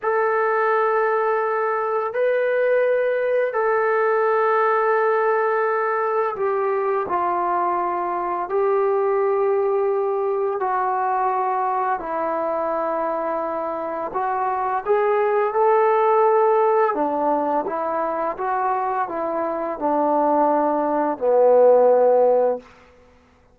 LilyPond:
\new Staff \with { instrumentName = "trombone" } { \time 4/4 \tempo 4 = 85 a'2. b'4~ | b'4 a'2.~ | a'4 g'4 f'2 | g'2. fis'4~ |
fis'4 e'2. | fis'4 gis'4 a'2 | d'4 e'4 fis'4 e'4 | d'2 b2 | }